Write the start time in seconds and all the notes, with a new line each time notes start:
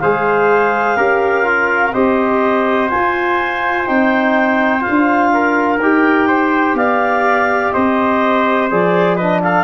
0.00 G#3 G#4 C5 F5
0.97 C#4 G4 A#4
1.45 F4
1.93 C4 G4 C5 D#5
2.90 F4 G#5
3.86 C4 D#4 G5
4.81 F4 F5
4.89 D4
5.34 A#4
5.78 D#4 G4 G5
6.28 C5
6.74 B3 D5 F5
7.73 C4 C5 D#5
8.71 F3 G#4 D5
9.16 D4 B4 D#5
9.43 A4 F5